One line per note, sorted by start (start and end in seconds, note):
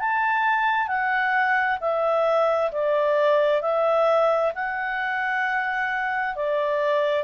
0.00 0.88 A5
0.88 1.79 F#5
1.81 2.71 E5
2.72 3.62 D5
3.62 4.53 E5
4.55 6.36 F#5
6.36 7.24 D5